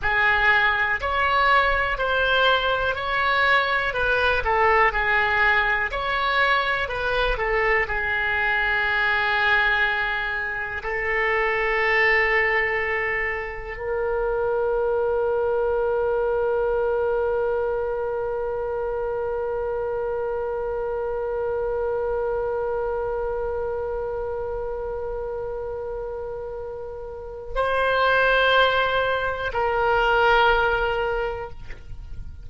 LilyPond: \new Staff \with { instrumentName = "oboe" } { \time 4/4 \tempo 4 = 61 gis'4 cis''4 c''4 cis''4 | b'8 a'8 gis'4 cis''4 b'8 a'8 | gis'2. a'4~ | a'2 ais'2~ |
ais'1~ | ais'1~ | ais'1 | c''2 ais'2 | }